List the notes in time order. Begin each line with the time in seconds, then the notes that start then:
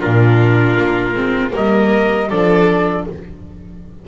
0.00 A#2 D4 F4 A#4
0.78 A#3
1.15 G#3 C4
1.51 G3 A#3 A#4 D#5
2.29 F3 D4 A4 D5